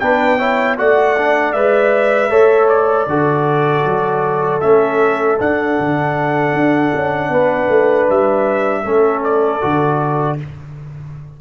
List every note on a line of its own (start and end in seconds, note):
0.00 0.78 B3
0.00 0.40 D4
0.00 0.39 B4
0.00 0.77 G5
0.39 0.78 E4
0.39 0.77 C#5
0.78 1.54 A3
0.78 1.16 F#4
0.78 2.31 D5
0.78 1.53 F#5
1.17 1.55 D4
1.53 2.30 G#3
1.53 2.30 B4
1.53 2.68 E5
2.30 3.07 A3
2.30 3.07 A4
2.30 3.08 C#5
2.68 4.60 D5
3.07 3.84 D3
3.07 4.62 F#4
3.07 7.31 A4
3.85 4.62 F#3
4.61 5.40 A3
4.61 5.39 C#4
4.61 5.37 E5
5.40 8.85 D4
5.40 5.79 D4
5.40 8.10 F#5
5.79 6.53 D3
6.53 6.92 D4
6.94 7.29 C#4
7.29 7.67 B3
7.29 8.83 B4
7.69 8.07 A3
8.09 8.84 G3
8.09 9.23 E5
8.83 9.61 A3
8.83 9.61 C#4
8.83 10.37 A4
9.23 10.39 D5
9.61 10.41 D3
9.61 10.38 F#4